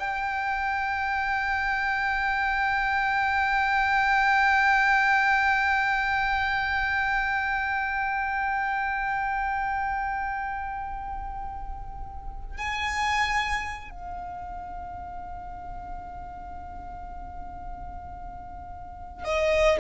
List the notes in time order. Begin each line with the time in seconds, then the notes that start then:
0.00 G5
12.58 G#5
13.91 F5
19.25 D#5